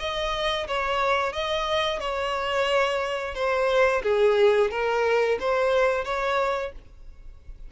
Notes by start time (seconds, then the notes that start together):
0.00 D#5
0.68 C#5
1.33 D#5
2.00 C#5
3.35 C5
4.04 G#4
4.71 A#4
5.41 C5
6.05 C#5